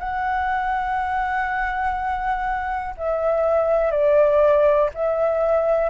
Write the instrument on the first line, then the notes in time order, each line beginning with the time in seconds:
flute
0.00 F#5
2.98 E5
3.92 D5
4.94 E5